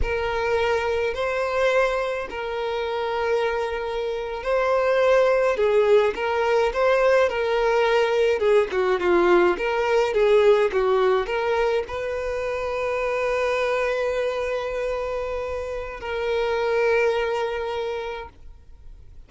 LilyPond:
\new Staff \with { instrumentName = "violin" } { \time 4/4 \tempo 4 = 105 ais'2 c''2 | ais'2.~ ais'8. c''16~ | c''4.~ c''16 gis'4 ais'4 c''16~ | c''8. ais'2 gis'8 fis'8 f'16~ |
f'8. ais'4 gis'4 fis'4 ais'16~ | ais'8. b'2.~ b'16~ | b'1 | ais'1 | }